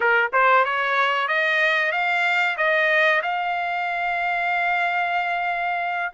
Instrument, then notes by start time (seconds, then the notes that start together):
trumpet
0.00 A#4
0.33 C5
0.65 C#5
1.28 D#5
1.91 F5
2.57 D#5
3.22 F5